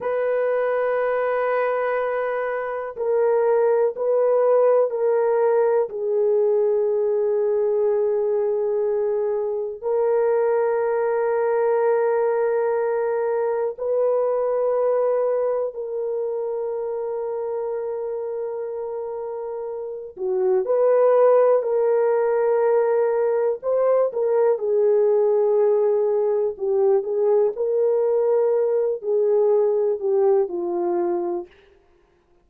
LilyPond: \new Staff \with { instrumentName = "horn" } { \time 4/4 \tempo 4 = 61 b'2. ais'4 | b'4 ais'4 gis'2~ | gis'2 ais'2~ | ais'2 b'2 |
ais'1~ | ais'8 fis'8 b'4 ais'2 | c''8 ais'8 gis'2 g'8 gis'8 | ais'4. gis'4 g'8 f'4 | }